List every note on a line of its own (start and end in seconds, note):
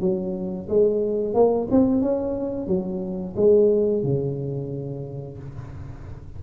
0.00 0.67 F#3
0.69 1.34 G#3
1.34 1.67 A#3
1.71 2.01 C4
2.01 2.67 C#4
2.67 3.35 F#3
3.36 4.03 G#3
4.03 5.38 C#3